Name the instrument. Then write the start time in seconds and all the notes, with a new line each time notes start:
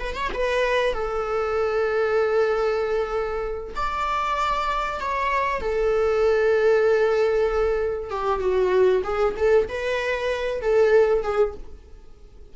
viola
0.00 B4
0.15 C#5
0.34 B4
0.93 A4
3.76 D5
5.00 C#5
5.61 A4
8.10 G4
8.40 F#4
9.04 G#4
9.37 A4
9.68 B4
10.61 A4
11.23 G#4